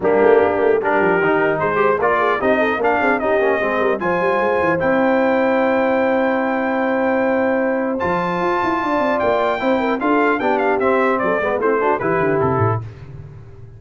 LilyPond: <<
  \new Staff \with { instrumentName = "trumpet" } { \time 4/4 \tempo 4 = 150 g'2 ais'2 | c''4 d''4 dis''4 f''4 | dis''2 gis''2 | g''1~ |
g''1 | a''2. g''4~ | g''4 f''4 g''8 f''8 e''4 | d''4 c''4 b'4 a'4 | }
  \new Staff \with { instrumentName = "horn" } { \time 4/4 d'2 g'2 | gis'8 c''8 ais'8 gis'8 g'8 a'8 ais'8 gis'8 | g'4 gis'8 ais'8 c''2~ | c''1~ |
c''1~ | c''2 d''2 | c''8 ais'8 a'4 g'2 | a'8 b'8 e'8 fis'8 g'2 | }
  \new Staff \with { instrumentName = "trombone" } { \time 4/4 ais2 d'4 dis'4~ | dis'8 g'8 f'4 dis'4 d'4 | dis'8 cis'8 c'4 f'2 | e'1~ |
e'1 | f'1 | e'4 f'4 d'4 c'4~ | c'8 b8 c'8 d'8 e'2 | }
  \new Staff \with { instrumentName = "tuba" } { \time 4/4 g8 a8 ais8 a8 g8 f8 dis4 | gis4 ais4 c'4 ais8 c'8 | cis'8 ais8 gis8 g8 f8 g8 gis8 e8 | c'1~ |
c'1 | f4 f'8 e'8 d'8 c'8 ais4 | c'4 d'4 b4 c'4 | fis8 gis8 a4 e8 d8 c8 a,8 | }
>>